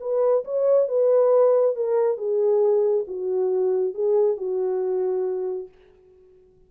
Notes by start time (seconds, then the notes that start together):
0.00 B4
0.44 C#5
0.88 B4
1.76 A#4
2.17 G#4
3.07 F#4
3.94 G#4
4.37 F#4